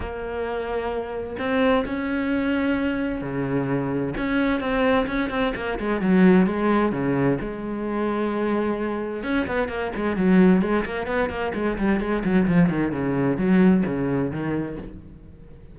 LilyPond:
\new Staff \with { instrumentName = "cello" } { \time 4/4 \tempo 4 = 130 ais2. c'4 | cis'2. cis4~ | cis4 cis'4 c'4 cis'8 c'8 | ais8 gis8 fis4 gis4 cis4 |
gis1 | cis'8 b8 ais8 gis8 fis4 gis8 ais8 | b8 ais8 gis8 g8 gis8 fis8 f8 dis8 | cis4 fis4 cis4 dis4 | }